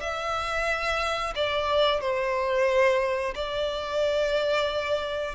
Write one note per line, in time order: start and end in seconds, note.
0.00 1.33 E5
1.35 2.01 D5
2.01 3.34 C5
3.35 5.35 D5